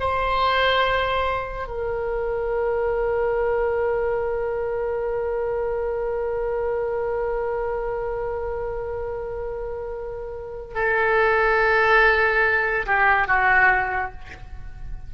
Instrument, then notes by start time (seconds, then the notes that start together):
oboe
0.00 C5
1.67 A#4
10.74 A4
12.86 G4
13.28 F#4